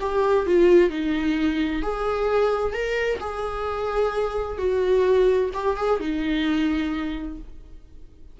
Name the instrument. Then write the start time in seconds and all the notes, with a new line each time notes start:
viola
0.00 G4
0.46 F4
0.90 D#4
1.82 G#4
2.72 A#4
3.20 G#4
4.58 F#4
5.53 G4
5.77 G#4
6.00 D#4